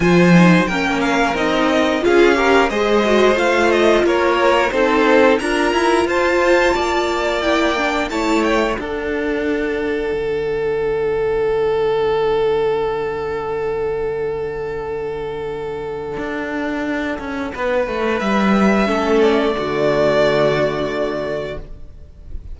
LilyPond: <<
  \new Staff \with { instrumentName = "violin" } { \time 4/4 \tempo 4 = 89 gis''4 g''8 f''8 dis''4 f''4 | dis''4 f''8 dis''8 cis''4 c''4 | ais''4 a''2 g''4 | a''8 g''8 fis''2.~ |
fis''1~ | fis''1~ | fis''2. e''4~ | e''8 d''2.~ d''8 | }
  \new Staff \with { instrumentName = "violin" } { \time 4/4 c''4 ais'2 gis'8 ais'8 | c''2 ais'4 a'4 | ais'4 c''4 d''2 | cis''4 a'2.~ |
a'1~ | a'1~ | a'2 b'2 | a'4 fis'2. | }
  \new Staff \with { instrumentName = "viola" } { \time 4/4 f'8 dis'8 cis'4 dis'4 f'8 g'8 | gis'8 fis'8 f'2 dis'4 | f'2. e'8 d'8 | e'4 d'2.~ |
d'1~ | d'1~ | d'1 | cis'4 a2. | }
  \new Staff \with { instrumentName = "cello" } { \time 4/4 f4 ais4 c'4 cis'4 | gis4 a4 ais4 c'4 | d'8 e'8 f'4 ais2 | a4 d'2 d4~ |
d1~ | d1 | d'4. cis'8 b8 a8 g4 | a4 d2. | }
>>